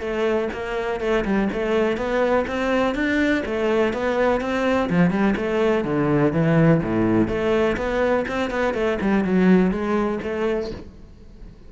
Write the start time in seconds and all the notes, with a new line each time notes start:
0.00 A3
0.53 A#3
1.00 A3
1.25 G3
1.53 A3
1.97 B3
2.47 C4
2.95 D4
3.46 A3
3.93 B3
4.41 C4
4.89 F3
5.10 G3
5.36 A3
5.84 D3
6.33 E3
6.83 A2
7.28 A3
7.77 B3
8.28 C4
8.50 B3
8.74 A3
9.01 G3
9.24 F#3
9.71 G#3
10.23 A3